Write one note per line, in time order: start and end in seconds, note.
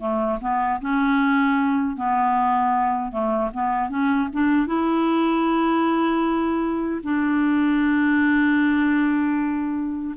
0.00 0.39 A3
0.41 0.80 B3
0.81 1.97 C#4
1.97 3.12 B3
3.12 3.51 A3
3.54 3.90 B3
3.90 4.29 C#4
4.33 4.67 D4
4.67 7.01 E4
7.03 10.15 D4